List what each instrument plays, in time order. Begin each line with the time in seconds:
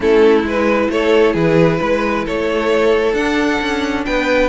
0.00 cello A3, viola C#4, violin E4 A4
0.43 cello G#3, viola E4, violin B4
0.89 cello A3, violin A4 C#5
1.33 cello E3, violin G#4 B4
1.81 cello G#3, violin B4
2.25 cello A3, violin A4 C#5
3.13 cello D4, viola D4, violin F#5
3.61 cello C#4
4.05 cello B3, violin B4 G5